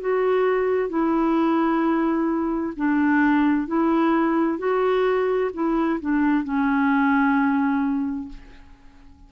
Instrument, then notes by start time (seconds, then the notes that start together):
clarinet
0.00 F#4
0.89 E4
2.76 D4
3.67 E4
4.58 F#4
5.53 E4
6.00 D4
6.44 C#4